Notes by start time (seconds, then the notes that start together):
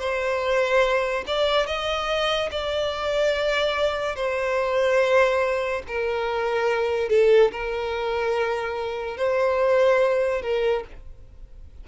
0.00 C5
1.27 D5
1.67 D#5
2.52 D5
4.16 C5
5.88 A#4
7.10 A4
7.52 A#4
9.17 C5
10.43 A#4